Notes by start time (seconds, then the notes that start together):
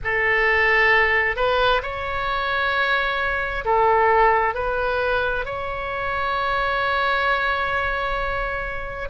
0.03 A4
1.36 B4
1.82 C#5
3.64 A4
4.54 B4
5.45 C#5